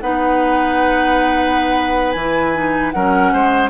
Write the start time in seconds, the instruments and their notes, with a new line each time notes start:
0.00 bassoon B3, clarinet D#4, oboe B4, flute F#5
2.12 bassoon E3, flute G#5
2.19 clarinet E4
2.54 clarinet D#4
2.91 bassoon F#3, clarinet C#4, oboe A#4, flute F#5
3.33 bassoon G#3, oboe C5